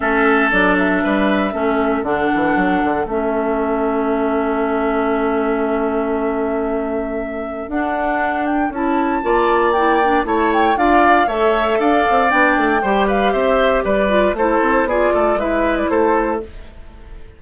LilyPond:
<<
  \new Staff \with { instrumentName = "flute" } { \time 4/4 \tempo 4 = 117 e''4 d''8 e''2~ e''8 | fis''2 e''2~ | e''1~ | e''2. fis''4~ |
fis''8 g''8 a''2 g''4 | a''8 g''8 f''4 e''4 f''4 | g''4. f''8 e''4 d''4 | c''4 d''4 e''8. d''16 c''4 | }
  \new Staff \with { instrumentName = "oboe" } { \time 4/4 a'2 b'4 a'4~ | a'1~ | a'1~ | a'1~ |
a'2 d''2 | cis''4 d''4 cis''4 d''4~ | d''4 c''8 b'8 c''4 b'4 | a'4 gis'8 a'8 b'4 a'4 | }
  \new Staff \with { instrumentName = "clarinet" } { \time 4/4 cis'4 d'2 cis'4 | d'2 cis'2~ | cis'1~ | cis'2. d'4~ |
d'4 e'4 f'4 e'8 d'8 | e'4 f'4 a'2 | d'4 g'2~ g'8 f'8 | e'4 f'4 e'2 | }
  \new Staff \with { instrumentName = "bassoon" } { \time 4/4 a4 fis4 g4 a4 | d8 e8 fis8 d8 a2~ | a1~ | a2. d'4~ |
d'4 cis'4 ais2 | a4 d'4 a4 d'8 c'8 | b8 a8 g4 c'4 g4 | a8 c'8 b8 a8 gis4 a4 | }
>>